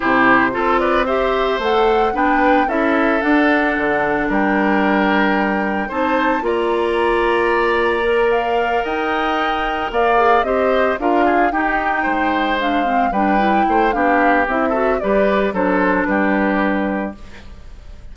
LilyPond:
<<
  \new Staff \with { instrumentName = "flute" } { \time 4/4 \tempo 4 = 112 c''4. d''8 e''4 fis''4 | g''4 e''4 fis''2 | g''2. a''4 | ais''2.~ ais''8 f''8~ |
f''8 g''2 f''4 dis''8~ | dis''8 f''4 g''2 f''8~ | f''8 g''4. f''4 e''4 | d''4 c''4 b'2 | }
  \new Staff \with { instrumentName = "oboe" } { \time 4/4 g'4 a'8 b'8 c''2 | b'4 a'2. | ais'2. c''4 | d''1~ |
d''8 dis''2 d''4 c''8~ | c''8 ais'8 gis'8 g'4 c''4.~ | c''8 b'4 c''8 g'4. a'8 | b'4 a'4 g'2 | }
  \new Staff \with { instrumentName = "clarinet" } { \time 4/4 e'4 f'4 g'4 a'4 | d'4 e'4 d'2~ | d'2. dis'4 | f'2. ais'4~ |
ais'2. gis'8 g'8~ | g'8 f'4 dis'2 d'8 | c'8 d'8 e'4 d'4 e'8 fis'8 | g'4 d'2. | }
  \new Staff \with { instrumentName = "bassoon" } { \time 4/4 c4 c'2 a4 | b4 cis'4 d'4 d4 | g2. c'4 | ais1~ |
ais8 dis'2 ais4 c'8~ | c'8 d'4 dis'4 gis4.~ | gis8 g4 a8 b4 c'4 | g4 fis4 g2 | }
>>